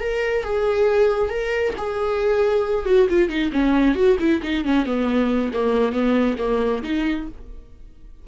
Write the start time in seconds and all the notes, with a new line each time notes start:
0.00 A#4
0.44 G#4
1.30 A#4
1.77 G#4
2.86 F#4
3.09 F4
3.29 D#4
3.52 C#4
3.95 F#4
4.20 E4
4.43 D#4
4.64 C#4
4.86 B3
5.53 A#3
5.92 B3
6.38 A#3
6.83 D#4